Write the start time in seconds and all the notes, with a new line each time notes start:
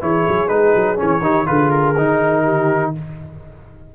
0.00 E3 E4 G#4 C#5
0.28 F#3
0.47 G#3 D#4 B4
0.75 F#3
0.97 E3 C#4 C#5
1.20 D#3 D#4 G4
1.46 D3 F4 G#4 B4
1.70 A#4
1.97 D#3 D#4
2.43 G4